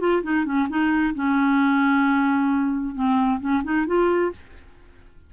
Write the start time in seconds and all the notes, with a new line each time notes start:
0.00 F4
0.23 D#4
0.45 C#4
0.70 D#4
1.15 C#4
2.95 C4
3.40 C#4
3.64 D#4
3.87 F4